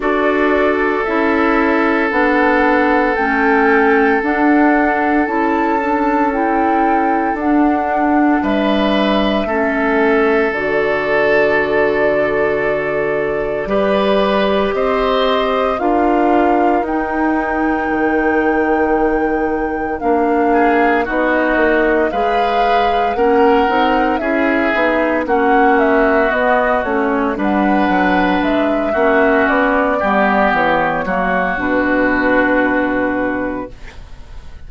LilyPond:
<<
  \new Staff \with { instrumentName = "flute" } { \time 4/4 \tempo 4 = 57 d''4 e''4 fis''4 g''4 | fis''4 a''4 g''4 fis''4 | e''2 d''2~ | d''2 dis''4 f''4 |
g''2. f''4 | dis''4 f''4 fis''4 e''4 | fis''8 e''8 dis''8 cis''8 fis''4 e''4 | d''4 cis''4 b'2 | }
  \new Staff \with { instrumentName = "oboe" } { \time 4/4 a'1~ | a'1 | b'4 a'2.~ | a'4 b'4 c''4 ais'4~ |
ais'2.~ ais'8 gis'8 | fis'4 b'4 ais'4 gis'4 | fis'2 b'4. fis'8~ | fis'8 g'4 fis'2~ fis'8 | }
  \new Staff \with { instrumentName = "clarinet" } { \time 4/4 fis'4 e'4 d'4 cis'4 | d'4 e'8 d'8 e'4 d'4~ | d'4 cis'4 fis'2~ | fis'4 g'2 f'4 |
dis'2. d'4 | dis'4 gis'4 cis'8 dis'8 e'8 dis'8 | cis'4 b8 cis'8 d'4. cis'8~ | cis'8 b4 ais8 d'2 | }
  \new Staff \with { instrumentName = "bassoon" } { \time 4/4 d'4 cis'4 b4 a4 | d'4 cis'2 d'4 | g4 a4 d2~ | d4 g4 c'4 d'4 |
dis'4 dis2 ais4 | b8 ais8 gis4 ais8 c'8 cis'8 b8 | ais4 b8 a8 g8 fis8 gis8 ais8 | b8 g8 e8 fis8 b,2 | }
>>